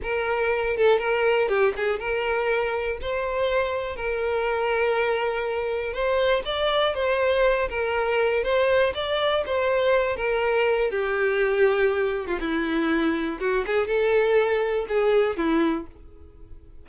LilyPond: \new Staff \with { instrumentName = "violin" } { \time 4/4 \tempo 4 = 121 ais'4. a'8 ais'4 g'8 gis'8 | ais'2 c''2 | ais'1 | c''4 d''4 c''4. ais'8~ |
ais'4 c''4 d''4 c''4~ | c''8 ais'4. g'2~ | g'8. f'16 e'2 fis'8 gis'8 | a'2 gis'4 e'4 | }